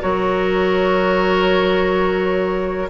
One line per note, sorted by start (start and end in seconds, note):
0.00 2.89 F#3
0.00 2.88 F#4
0.00 2.89 A#4
0.00 2.89 C#5